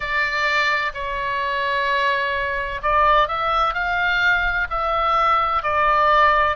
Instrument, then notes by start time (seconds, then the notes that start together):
oboe
0.00 D5
0.94 C#5
2.82 D5
3.28 E5
3.73 F5
4.70 E5
5.62 D5